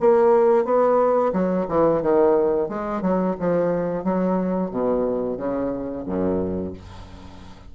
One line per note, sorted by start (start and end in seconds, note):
0.00 0.65 A#3
0.65 1.32 B3
1.32 1.66 F#3
1.68 2.02 E3
2.02 2.68 D#3
2.68 3.02 G#3
3.02 3.35 F#3
3.40 4.04 F3
4.04 4.70 F#3
4.70 5.37 B2
5.37 6.04 C#3
6.06 6.73 F#2